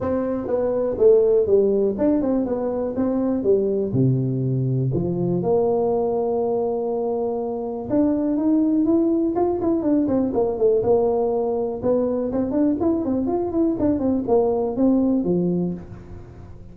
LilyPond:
\new Staff \with { instrumentName = "tuba" } { \time 4/4 \tempo 4 = 122 c'4 b4 a4 g4 | d'8 c'8 b4 c'4 g4 | c2 f4 ais4~ | ais1 |
d'4 dis'4 e'4 f'8 e'8 | d'8 c'8 ais8 a8 ais2 | b4 c'8 d'8 e'8 c'8 f'8 e'8 | d'8 c'8 ais4 c'4 f4 | }